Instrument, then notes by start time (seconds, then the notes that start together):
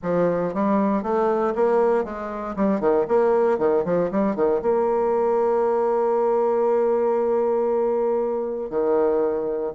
bassoon
0.02 F3
0.54 G3
1.03 A3
1.55 A#3
2.04 G#3
2.55 G3
2.80 D#3
3.08 A#3
3.58 D#3
3.84 F3
4.11 G3
4.35 D#3
4.62 A#3
8.70 D#3